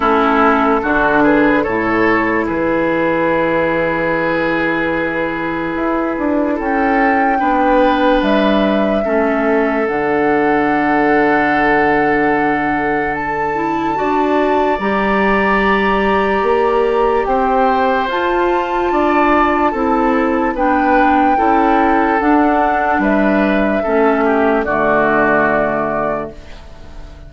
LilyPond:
<<
  \new Staff \with { instrumentName = "flute" } { \time 4/4 \tempo 4 = 73 a'4. b'8 cis''4 b'4~ | b'1 | g''2 e''2 | fis''1 |
a''2 ais''2~ | ais''4 g''4 a''2~ | a''4 g''2 fis''4 | e''2 d''2 | }
  \new Staff \with { instrumentName = "oboe" } { \time 4/4 e'4 fis'8 gis'8 a'4 gis'4~ | gis'1 | a'4 b'2 a'4~ | a'1~ |
a'4 d''2.~ | d''4 c''2 d''4 | a'4 b'4 a'2 | b'4 a'8 g'8 fis'2 | }
  \new Staff \with { instrumentName = "clarinet" } { \time 4/4 cis'4 d'4 e'2~ | e'1~ | e'4 d'2 cis'4 | d'1~ |
d'8 e'8 fis'4 g'2~ | g'2 f'2 | e'4 d'4 e'4 d'4~ | d'4 cis'4 a2 | }
  \new Staff \with { instrumentName = "bassoon" } { \time 4/4 a4 d4 a,4 e4~ | e2. e'8 d'8 | cis'4 b4 g4 a4 | d1~ |
d4 d'4 g2 | ais4 c'4 f'4 d'4 | c'4 b4 cis'4 d'4 | g4 a4 d2 | }
>>